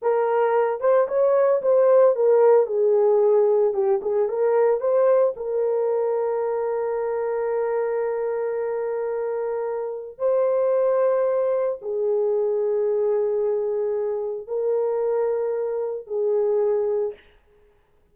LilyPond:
\new Staff \with { instrumentName = "horn" } { \time 4/4 \tempo 4 = 112 ais'4. c''8 cis''4 c''4 | ais'4 gis'2 g'8 gis'8 | ais'4 c''4 ais'2~ | ais'1~ |
ais'2. c''4~ | c''2 gis'2~ | gis'2. ais'4~ | ais'2 gis'2 | }